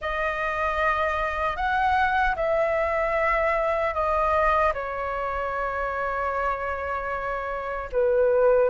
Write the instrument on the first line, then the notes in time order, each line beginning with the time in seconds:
flute
0.01 D#5
1.56 F#5
2.35 E5
3.93 D#5
4.73 C#5
7.92 B4